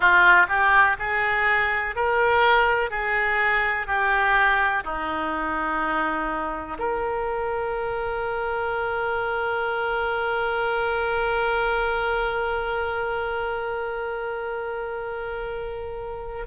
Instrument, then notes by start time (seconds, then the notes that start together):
oboe
0.00 F4
0.48 G4
0.99 G#4
1.95 A#4
2.90 G#4
3.87 G4
4.84 D#4
6.78 A#4